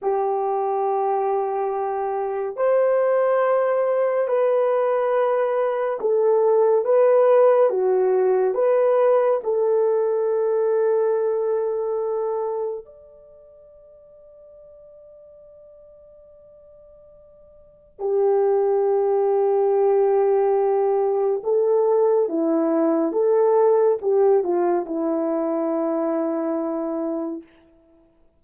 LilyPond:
\new Staff \with { instrumentName = "horn" } { \time 4/4 \tempo 4 = 70 g'2. c''4~ | c''4 b'2 a'4 | b'4 fis'4 b'4 a'4~ | a'2. d''4~ |
d''1~ | d''4 g'2.~ | g'4 a'4 e'4 a'4 | g'8 f'8 e'2. | }